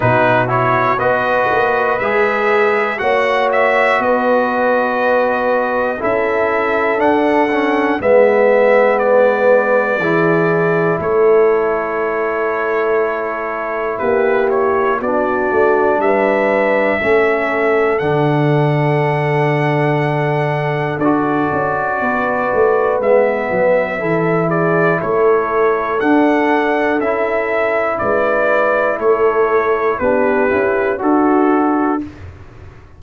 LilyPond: <<
  \new Staff \with { instrumentName = "trumpet" } { \time 4/4 \tempo 4 = 60 b'8 cis''8 dis''4 e''4 fis''8 e''8 | dis''2 e''4 fis''4 | e''4 d''2 cis''4~ | cis''2 b'8 cis''8 d''4 |
e''2 fis''2~ | fis''4 d''2 e''4~ | e''8 d''8 cis''4 fis''4 e''4 | d''4 cis''4 b'4 a'4 | }
  \new Staff \with { instrumentName = "horn" } { \time 4/4 fis'4 b'2 cis''4 | b'2 a'2 | b'2 gis'4 a'4~ | a'2 g'4 fis'4 |
b'4 a'2.~ | a'2 b'2 | a'8 gis'8 a'2. | b'4 a'4 g'4 fis'4 | }
  \new Staff \with { instrumentName = "trombone" } { \time 4/4 dis'8 e'8 fis'4 gis'4 fis'4~ | fis'2 e'4 d'8 cis'8 | b2 e'2~ | e'2. d'4~ |
d'4 cis'4 d'2~ | d'4 fis'2 b4 | e'2 d'4 e'4~ | e'2 d'8 e'8 fis'4 | }
  \new Staff \with { instrumentName = "tuba" } { \time 4/4 b,4 b8 ais8 gis4 ais4 | b2 cis'4 d'4 | gis2 e4 a4~ | a2 ais4 b8 a8 |
g4 a4 d2~ | d4 d'8 cis'8 b8 a8 gis8 fis8 | e4 a4 d'4 cis'4 | gis4 a4 b8 cis'8 d'4 | }
>>